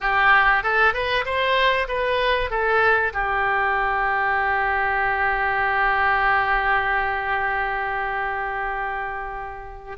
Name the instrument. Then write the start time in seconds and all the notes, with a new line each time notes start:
oboe
0.01 G4
0.63 A4
0.93 B4
1.25 C5
1.88 B4
2.50 A4
3.12 G4